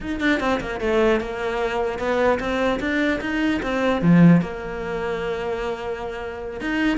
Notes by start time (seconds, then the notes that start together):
0.00 D#4
0.20 D4
0.40 C4
0.60 A#3
0.80 A3
1.20 A#3
1.99 B3
2.39 C4
2.80 D4
3.20 D#4
3.62 C4
4.01 F3
4.41 A#3
6.61 D#4